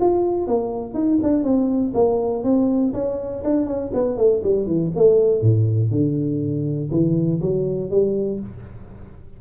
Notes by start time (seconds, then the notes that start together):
0.00 F4
0.47 A#3
0.94 D#4
1.23 D4
1.43 C4
1.94 A#3
2.43 C4
2.93 C#4
3.44 D4
3.66 C#4
3.93 B3
4.17 A3
4.43 G3
4.66 E3
4.95 A3
5.41 A2
5.91 D3
6.91 E3
7.41 F#3
7.90 G3